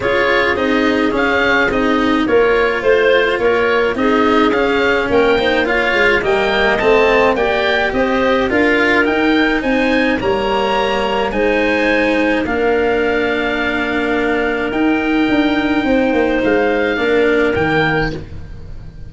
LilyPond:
<<
  \new Staff \with { instrumentName = "oboe" } { \time 4/4 \tempo 4 = 106 cis''4 dis''4 f''4 dis''4 | cis''4 c''4 cis''4 dis''4 | f''4 g''4 f''4 g''4 | a''4 g''4 dis''4 f''4 |
g''4 gis''4 ais''2 | gis''2 f''2~ | f''2 g''2~ | g''4 f''2 g''4 | }
  \new Staff \with { instrumentName = "clarinet" } { \time 4/4 gis'1 | ais'4 c''4 ais'4 gis'4~ | gis'4 ais'8 c''8 cis''4 dis''4~ | dis''4 d''4 c''4 ais'4~ |
ais'4 c''4 cis''2 | c''2 ais'2~ | ais'1 | c''2 ais'2 | }
  \new Staff \with { instrumentName = "cello" } { \time 4/4 f'4 dis'4 cis'4 dis'4 | f'2. dis'4 | cis'4. dis'8 f'4 ais4 | c'4 g'2 f'4 |
dis'2 ais2 | dis'2 d'2~ | d'2 dis'2~ | dis'2 d'4 ais4 | }
  \new Staff \with { instrumentName = "tuba" } { \time 4/4 cis'4 c'4 cis'4 c'4 | ais4 a4 ais4 c'4 | cis'4 ais4. gis8 g4 | a4 ais4 c'4 d'4 |
dis'4 c'4 g2 | gis2 ais2~ | ais2 dis'4 d'4 | c'8 ais8 gis4 ais4 dis4 | }
>>